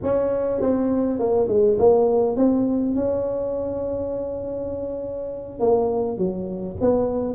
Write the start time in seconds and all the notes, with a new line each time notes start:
0.02 C#4
0.60 C4
1.19 A#3
1.48 G#3
1.79 A#3
2.36 C4
2.95 C#4
5.59 A#3
6.17 F#3
6.80 B3